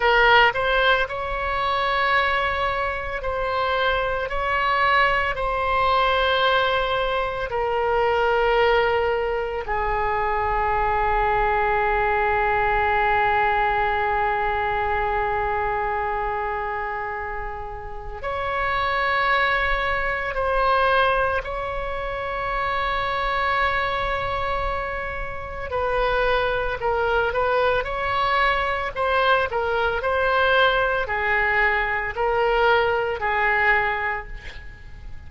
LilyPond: \new Staff \with { instrumentName = "oboe" } { \time 4/4 \tempo 4 = 56 ais'8 c''8 cis''2 c''4 | cis''4 c''2 ais'4~ | ais'4 gis'2.~ | gis'1~ |
gis'4 cis''2 c''4 | cis''1 | b'4 ais'8 b'8 cis''4 c''8 ais'8 | c''4 gis'4 ais'4 gis'4 | }